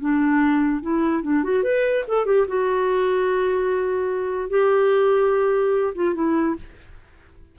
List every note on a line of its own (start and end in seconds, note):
0.00 0.82 D4
0.82 1.23 E4
1.23 1.44 D4
1.44 1.63 F#4
1.63 2.05 B4
2.08 2.26 A4
2.26 2.46 G4
2.48 4.50 F#4
4.50 5.94 G4
5.95 6.14 F4
6.14 6.55 E4